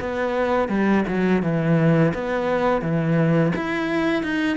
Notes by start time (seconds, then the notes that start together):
0.00 B3
0.68 G3
1.07 F#3
1.42 E3
2.14 B3
2.81 E3
3.55 E4
4.23 D#4